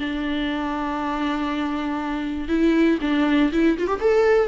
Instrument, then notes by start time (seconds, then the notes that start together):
viola
0.00 D4
2.49 E4
3.02 D4
3.53 E4
3.79 F4
3.88 G4
4.01 A4